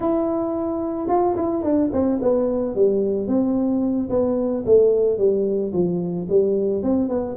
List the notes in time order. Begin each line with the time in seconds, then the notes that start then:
0.00 E4
1.08 F4
1.36 E4
1.63 D4
1.92 C4
2.21 B3
2.75 G3
3.27 C4
4.09 B3
4.65 A3
5.17 G3
5.72 F3
6.29 G3
6.83 C4
7.09 B3